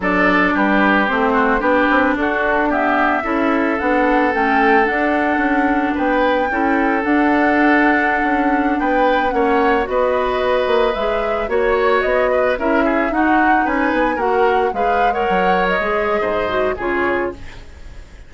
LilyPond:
<<
  \new Staff \with { instrumentName = "flute" } { \time 4/4 \tempo 4 = 111 d''4 b'4 c''4 b'4 | a'4 e''2 fis''4 | g''4 fis''2 g''4~ | g''4 fis''2.~ |
fis''16 g''4 fis''4 dis''4.~ dis''16~ | dis''16 e''4 cis''4 dis''4 e''8.~ | e''16 fis''4 gis''4 fis''4 f''8. | fis''4 dis''2 cis''4 | }
  \new Staff \with { instrumentName = "oboe" } { \time 4/4 a'4 g'4. fis'8 g'4 | fis'4 g'4 a'2~ | a'2. b'4 | a'1~ |
a'16 b'4 cis''4 b'4.~ b'16~ | b'4~ b'16 cis''4. b'8 ais'8 gis'16~ | gis'16 fis'4 b'4 ais'4 b'8. | cis''2 c''4 gis'4 | }
  \new Staff \with { instrumentName = "clarinet" } { \time 4/4 d'2 c'4 d'4~ | d'4 b4 e'4 d'4 | cis'4 d'2. | e'4 d'2.~ |
d'4~ d'16 cis'4 fis'4.~ fis'16~ | fis'16 gis'4 fis'2 e'8.~ | e'16 dis'2 fis'4 gis'8. | ais'4~ ais'16 gis'4~ gis'16 fis'8 f'4 | }
  \new Staff \with { instrumentName = "bassoon" } { \time 4/4 fis4 g4 a4 b8 c'8 | d'2 cis'4 b4 | a4 d'4 cis'4 b4 | cis'4 d'2~ d'16 cis'8.~ |
cis'16 b4 ais4 b4. ais16~ | ais16 gis4 ais4 b4 cis'8.~ | cis'16 dis'4 cis'8 b8 ais4 gis8.~ | gis16 fis4 gis8. gis,4 cis4 | }
>>